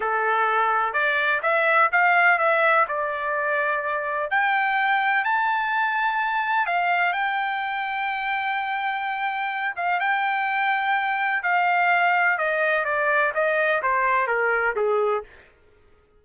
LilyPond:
\new Staff \with { instrumentName = "trumpet" } { \time 4/4 \tempo 4 = 126 a'2 d''4 e''4 | f''4 e''4 d''2~ | d''4 g''2 a''4~ | a''2 f''4 g''4~ |
g''1~ | g''8 f''8 g''2. | f''2 dis''4 d''4 | dis''4 c''4 ais'4 gis'4 | }